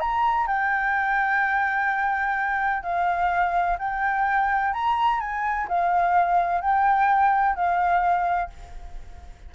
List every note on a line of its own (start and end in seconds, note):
0.00 0.47 A#5
0.47 2.83 G5
2.83 3.77 F5
3.79 4.73 G5
4.73 5.20 A#5
5.20 5.67 G#5
5.68 6.61 F5
6.61 7.55 G5
7.55 8.50 F5